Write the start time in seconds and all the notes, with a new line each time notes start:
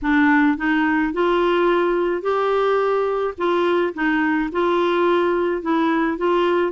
0.02 D4
0.57 D#4
1.13 F4
2.21 G4
3.37 F4
3.94 D#4
4.52 F4
5.62 E4
6.17 F4